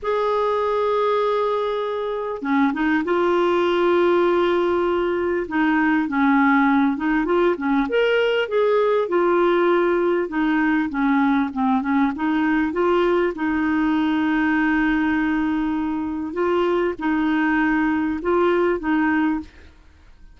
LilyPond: \new Staff \with { instrumentName = "clarinet" } { \time 4/4 \tempo 4 = 99 gis'1 | cis'8 dis'8 f'2.~ | f'4 dis'4 cis'4. dis'8 | f'8 cis'8 ais'4 gis'4 f'4~ |
f'4 dis'4 cis'4 c'8 cis'8 | dis'4 f'4 dis'2~ | dis'2. f'4 | dis'2 f'4 dis'4 | }